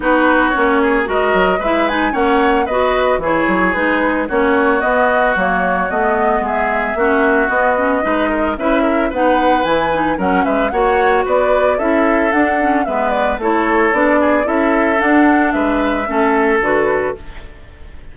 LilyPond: <<
  \new Staff \with { instrumentName = "flute" } { \time 4/4 \tempo 4 = 112 b'4 cis''4 dis''4 e''8 gis''8 | fis''4 dis''4 cis''4 b'4 | cis''4 dis''4 cis''4 dis''4 | e''2 dis''2 |
e''4 fis''4 gis''4 fis''8 e''8 | fis''4 d''4 e''4 fis''4 | e''8 d''8 cis''4 d''4 e''4 | fis''4 e''2 b'4 | }
  \new Staff \with { instrumentName = "oboe" } { \time 4/4 fis'4. gis'8 ais'4 b'4 | cis''4 b'4 gis'2 | fis'1 | gis'4 fis'2 b'8 ais'8 |
b'8 ais'8 b'2 ais'8 b'8 | cis''4 b'4 a'2 | b'4 a'4. gis'8 a'4~ | a'4 b'4 a'2 | }
  \new Staff \with { instrumentName = "clarinet" } { \time 4/4 dis'4 cis'4 fis'4 e'8 dis'8 | cis'4 fis'4 e'4 dis'4 | cis'4 b4 ais4 b4~ | b4 cis'4 b8 cis'8 dis'4 |
e'4 dis'4 e'8 dis'8 cis'4 | fis'2 e'4 d'8 cis'8 | b4 e'4 d'4 e'4 | d'2 cis'4 fis'4 | }
  \new Staff \with { instrumentName = "bassoon" } { \time 4/4 b4 ais4 gis8 fis8 gis4 | ais4 b4 e8 fis8 gis4 | ais4 b4 fis4 a4 | gis4 ais4 b4 gis4 |
cis'4 b4 e4 fis8 gis8 | ais4 b4 cis'4 d'4 | gis4 a4 b4 cis'4 | d'4 gis4 a4 d4 | }
>>